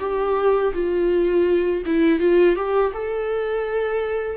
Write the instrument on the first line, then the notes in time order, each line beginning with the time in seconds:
viola
0.00 G4
0.74 F4
1.86 E4
2.20 F4
2.56 G4
2.94 A4